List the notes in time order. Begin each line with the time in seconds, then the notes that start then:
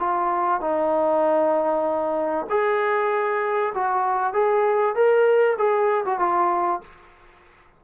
0.00 F4
0.61 D#4
2.50 G#4
3.75 F#4
4.34 G#4
4.95 A#4
5.58 G#4
6.06 F#4
6.20 F4